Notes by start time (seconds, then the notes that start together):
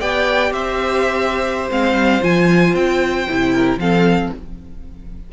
0.00 B3 G4 D5 G5
0.52 C4 C5 E5
1.70 G#3 C4 F5
1.93 G3
2.20 F3 F4 G#5
2.74 C4 G5
3.29 C3 E4
3.53 A#4
3.77 F3 C4 A4 F5